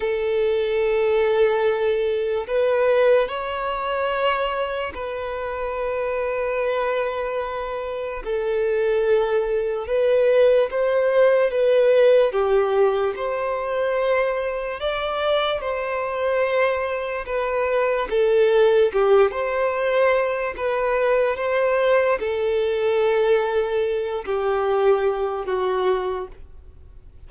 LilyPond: \new Staff \with { instrumentName = "violin" } { \time 4/4 \tempo 4 = 73 a'2. b'4 | cis''2 b'2~ | b'2 a'2 | b'4 c''4 b'4 g'4 |
c''2 d''4 c''4~ | c''4 b'4 a'4 g'8 c''8~ | c''4 b'4 c''4 a'4~ | a'4. g'4. fis'4 | }